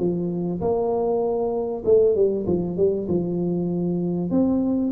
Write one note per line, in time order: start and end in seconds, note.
0.00 0.61 F3
0.61 1.84 A#3
1.85 2.16 A3
2.16 2.46 G3
2.47 2.77 F3
2.77 3.08 G3
3.08 4.31 F3
4.31 4.92 C4